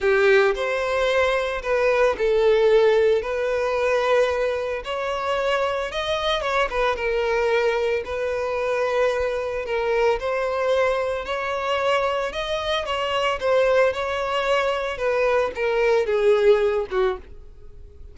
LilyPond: \new Staff \with { instrumentName = "violin" } { \time 4/4 \tempo 4 = 112 g'4 c''2 b'4 | a'2 b'2~ | b'4 cis''2 dis''4 | cis''8 b'8 ais'2 b'4~ |
b'2 ais'4 c''4~ | c''4 cis''2 dis''4 | cis''4 c''4 cis''2 | b'4 ais'4 gis'4. fis'8 | }